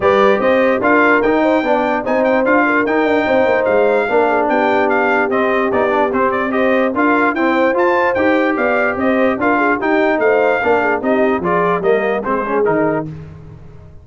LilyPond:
<<
  \new Staff \with { instrumentName = "trumpet" } { \time 4/4 \tempo 4 = 147 d''4 dis''4 f''4 g''4~ | g''4 gis''8 g''8 f''4 g''4~ | g''4 f''2 g''4 | f''4 dis''4 d''4 c''8 d''8 |
dis''4 f''4 g''4 a''4 | g''4 f''4 dis''4 f''4 | g''4 f''2 dis''4 | d''4 dis''4 c''4 ais'4 | }
  \new Staff \with { instrumentName = "horn" } { \time 4/4 b'4 c''4 ais'4. c''8 | d''4 c''4. ais'4. | c''2 ais'8 gis'8 g'4~ | g'1 |
c''4 ais'4 c''2~ | c''4 d''4 c''4 ais'8 gis'8 | g'4 c''4 ais'8 gis'8 g'4 | gis'4 ais'4 gis'2 | }
  \new Staff \with { instrumentName = "trombone" } { \time 4/4 g'2 f'4 dis'4 | d'4 dis'4 f'4 dis'4~ | dis'2 d'2~ | d'4 c'4 dis'8 d'8 c'4 |
g'4 f'4 c'4 f'4 | g'2. f'4 | dis'2 d'4 dis'4 | f'4 ais4 c'8 cis'8 dis'4 | }
  \new Staff \with { instrumentName = "tuba" } { \time 4/4 g4 c'4 d'4 dis'4 | b4 c'4 d'4 dis'8 d'8 | c'8 ais8 gis4 ais4 b4~ | b4 c'4 b4 c'4~ |
c'4 d'4 e'4 f'4 | dis'4 b4 c'4 d'4 | dis'4 a4 ais4 c'4 | f4 g4 gis4 dis4 | }
>>